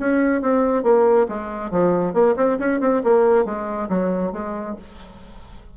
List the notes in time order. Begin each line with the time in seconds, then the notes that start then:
0.00 C#4
0.42 C4
0.84 A#3
1.29 G#3
1.71 F3
2.14 A#3
2.37 C4
2.60 C#4
2.81 C4
3.04 A#3
3.46 G#3
3.90 F#3
4.33 G#3